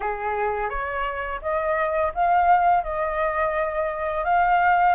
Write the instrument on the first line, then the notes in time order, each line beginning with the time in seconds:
flute
0.00 G#4
0.69 C#5
1.41 D#5
2.14 F5
2.83 D#5
4.24 F5